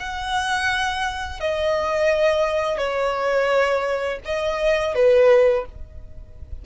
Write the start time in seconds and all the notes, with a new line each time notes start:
0.00 F#5
1.40 D#5
2.78 C#5
4.25 D#5
4.95 B4